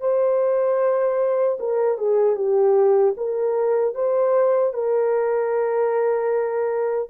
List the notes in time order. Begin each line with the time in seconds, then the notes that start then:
0.00 C5
1.59 A#4
1.98 G#4
2.35 G4
3.17 A#4
3.94 C5
4.73 A#4